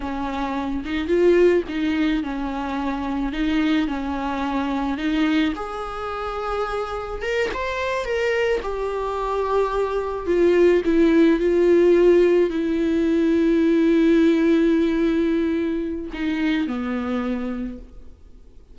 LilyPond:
\new Staff \with { instrumentName = "viola" } { \time 4/4 \tempo 4 = 108 cis'4. dis'8 f'4 dis'4 | cis'2 dis'4 cis'4~ | cis'4 dis'4 gis'2~ | gis'4 ais'8 c''4 ais'4 g'8~ |
g'2~ g'8 f'4 e'8~ | e'8 f'2 e'4.~ | e'1~ | e'4 dis'4 b2 | }